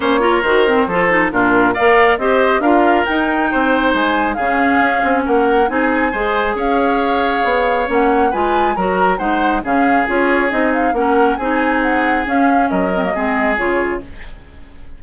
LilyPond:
<<
  \new Staff \with { instrumentName = "flute" } { \time 4/4 \tempo 4 = 137 cis''4 c''2 ais'4 | f''4 dis''4 f''4 g''4~ | g''4 gis''4 f''2 | fis''4 gis''2 f''4~ |
f''2 fis''4 gis''4 | ais''4 fis''4 f''4 cis''4 | dis''8 f''8 fis''4 gis''4 fis''4 | f''4 dis''2 cis''4 | }
  \new Staff \with { instrumentName = "oboe" } { \time 4/4 c''8 ais'4. a'4 f'4 | d''4 c''4 ais'2 | c''2 gis'2 | ais'4 gis'4 c''4 cis''4~ |
cis''2. b'4 | ais'4 c''4 gis'2~ | gis'4 ais'4 gis'2~ | gis'4 ais'4 gis'2 | }
  \new Staff \with { instrumentName = "clarinet" } { \time 4/4 cis'8 f'8 fis'8 c'8 f'8 dis'8 d'4 | ais'4 g'4 f'4 dis'4~ | dis'2 cis'2~ | cis'4 dis'4 gis'2~ |
gis'2 cis'4 f'4 | fis'4 dis'4 cis'4 f'4 | dis'4 cis'4 dis'2 | cis'4. c'16 ais16 c'4 f'4 | }
  \new Staff \with { instrumentName = "bassoon" } { \time 4/4 ais4 dis4 f4 ais,4 | ais4 c'4 d'4 dis'4 | c'4 gis4 cis4 cis'8 c'8 | ais4 c'4 gis4 cis'4~ |
cis'4 b4 ais4 gis4 | fis4 gis4 cis4 cis'4 | c'4 ais4 c'2 | cis'4 fis4 gis4 cis4 | }
>>